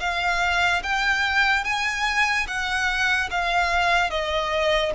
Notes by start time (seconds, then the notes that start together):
0.00 F5
0.83 G5
1.64 G#5
2.47 F#5
3.30 F5
4.10 D#5